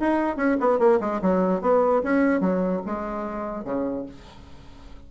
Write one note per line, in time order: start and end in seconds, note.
0.00 0.37 D#4
0.37 0.58 C#4
0.60 0.79 B3
0.79 1.00 A#3
1.01 1.21 G#3
1.22 1.62 F#3
1.62 2.03 B3
2.04 2.41 C#4
2.41 2.82 F#3
2.86 3.65 G#3
3.65 4.06 C#3